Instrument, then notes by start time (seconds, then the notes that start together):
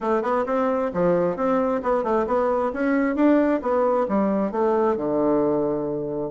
bassoon
0.00 A3
0.22 B3
0.46 C4
0.93 F3
1.36 C4
1.82 B3
2.03 A3
2.27 B3
2.73 C#4
3.15 D4
3.62 B3
4.08 G3
4.51 A3
4.96 D3